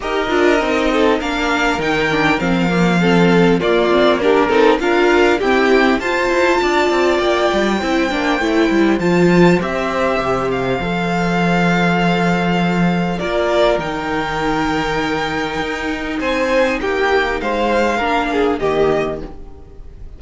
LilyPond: <<
  \new Staff \with { instrumentName = "violin" } { \time 4/4 \tempo 4 = 100 dis''2 f''4 g''4 | f''2 d''4 ais'4 | f''4 g''4 a''2 | g''2. a''4 |
e''4. f''2~ f''8~ | f''2 d''4 g''4~ | g''2. gis''4 | g''4 f''2 dis''4 | }
  \new Staff \with { instrumentName = "violin" } { \time 4/4 ais'4. a'8 ais'2~ | ais'4 a'4 f'4 g'8 a'8 | ais'4 g'4 c''4 d''4~ | d''4 c''2.~ |
c''1~ | c''2 ais'2~ | ais'2. c''4 | g'4 c''4 ais'8 gis'8 g'4 | }
  \new Staff \with { instrumentName = "viola" } { \time 4/4 g'8 f'8 dis'4 d'4 dis'8 d'8 | c'8 ais8 c'4 ais8 c'8 d'8 dis'8 | f'4 c'4 f'2~ | f'4 e'8 d'8 e'4 f'4 |
g'2 a'2~ | a'2 f'4 dis'4~ | dis'1~ | dis'2 d'4 ais4 | }
  \new Staff \with { instrumentName = "cello" } { \time 4/4 dis'8 d'8 c'4 ais4 dis4 | f2 ais4. c'8 | d'4 e'4 f'8 e'8 d'8 c'8 | ais8 g8 c'8 ais8 a8 g8 f4 |
c'4 c4 f2~ | f2 ais4 dis4~ | dis2 dis'4 c'4 | ais4 gis4 ais4 dis4 | }
>>